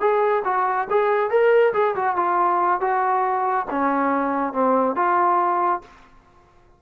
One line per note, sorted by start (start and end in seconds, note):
0.00 0.43 G#4
0.45 0.87 F#4
0.90 1.30 G#4
1.30 1.73 A#4
1.74 1.95 G#4
1.95 2.16 F#4
2.16 2.80 F4
2.81 3.66 F#4
3.70 4.53 C#4
4.53 4.96 C4
4.96 5.81 F4